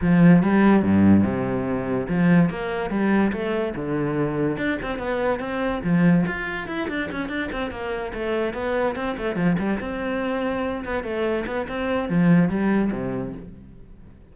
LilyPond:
\new Staff \with { instrumentName = "cello" } { \time 4/4 \tempo 4 = 144 f4 g4 g,4 c4~ | c4 f4 ais4 g4 | a4 d2 d'8 c'8 | b4 c'4 f4 f'4 |
e'8 d'8 cis'8 d'8 c'8 ais4 a8~ | a8 b4 c'8 a8 f8 g8 c'8~ | c'2 b8 a4 b8 | c'4 f4 g4 c4 | }